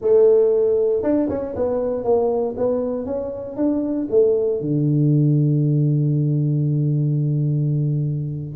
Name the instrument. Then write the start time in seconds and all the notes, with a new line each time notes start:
tuba
0.01 A3
1.02 D4
1.29 C#4
1.55 B3
2.03 A#3
2.57 B3
3.05 C#4
3.56 D4
4.10 A3
4.60 D3